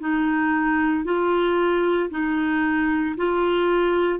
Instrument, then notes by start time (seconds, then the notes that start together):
clarinet
0.00 D#4
1.05 F4
2.11 D#4
3.17 F4